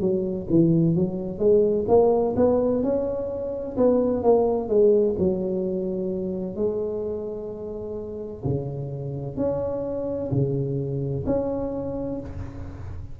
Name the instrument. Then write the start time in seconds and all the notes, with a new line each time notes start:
tuba
0.00 F#3
0.49 E3
0.95 F#3
1.38 G#3
1.88 A#3
2.36 B3
2.83 C#4
3.77 B3
4.23 A#3
4.68 G#3
5.18 F#3
6.56 G#3
8.44 C#3
9.37 C#4
10.31 C#3
11.26 C#4